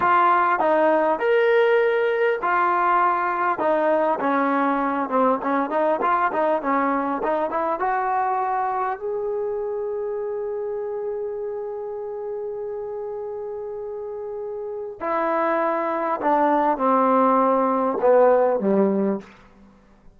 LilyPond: \new Staff \with { instrumentName = "trombone" } { \time 4/4 \tempo 4 = 100 f'4 dis'4 ais'2 | f'2 dis'4 cis'4~ | cis'8 c'8 cis'8 dis'8 f'8 dis'8 cis'4 | dis'8 e'8 fis'2 gis'4~ |
gis'1~ | gis'1~ | gis'4 e'2 d'4 | c'2 b4 g4 | }